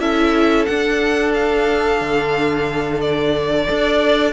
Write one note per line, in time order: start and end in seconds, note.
0.00 0.67 C#4
0.00 0.67 E4
0.00 3.65 A4
0.00 0.65 E5
0.65 2.01 D4
0.65 3.67 D4
0.65 1.32 F#5
1.34 3.01 F5
2.01 3.68 D3
3.01 4.33 D5
3.65 4.33 D4
3.65 4.33 A4
3.65 4.31 D5